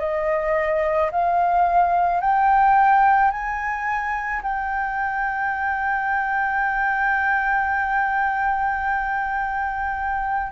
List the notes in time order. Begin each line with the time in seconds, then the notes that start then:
0.00 D#5
1.12 F5
2.21 G5
3.32 G#5
4.43 G5